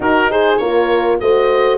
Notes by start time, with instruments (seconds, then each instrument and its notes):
0.00 tuba D#4, horn D#4 F#4, oboe A#4
0.30 horn G#4, oboe C5
0.57 tuba A#3, horn F4 A#4, oboe C#5
1.20 tuba A3, horn F#4 C5, oboe D#5